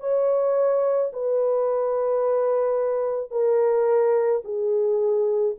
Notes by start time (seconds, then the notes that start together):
0.00 C#5
1.13 B4
3.31 A#4
4.44 G#4